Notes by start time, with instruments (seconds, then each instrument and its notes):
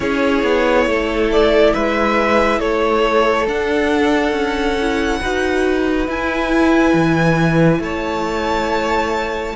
0.00 cello C#4, viola E4, violin G#4 C#5
0.43 cello B3
0.86 cello A3, violin A4
1.31 violin D5
1.73 cello G#3, violin B4 E5
2.59 cello A3, violin A4 C#5
3.47 cello D4, viola D4, violin F#5
4.31 cello C#4
4.80 viola E4
5.20 cello D#4, viola F#4, violin B4
6.08 cello E4, viola E4, violin G#5
6.93 cello E3
7.79 cello A3, violin C#5 A5